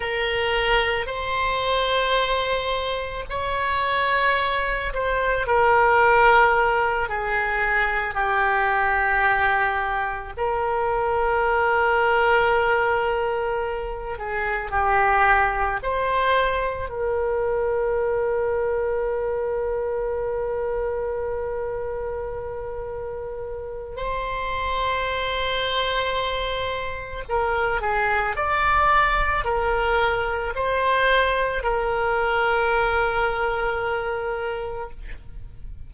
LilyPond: \new Staff \with { instrumentName = "oboe" } { \time 4/4 \tempo 4 = 55 ais'4 c''2 cis''4~ | cis''8 c''8 ais'4. gis'4 g'8~ | g'4. ais'2~ ais'8~ | ais'4 gis'8 g'4 c''4 ais'8~ |
ais'1~ | ais'2 c''2~ | c''4 ais'8 gis'8 d''4 ais'4 | c''4 ais'2. | }